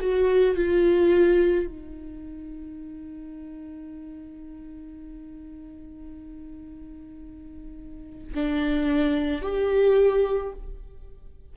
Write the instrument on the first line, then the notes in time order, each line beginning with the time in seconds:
viola
0.00 F#4
0.55 F4
1.66 D#4
8.34 D4
9.41 G4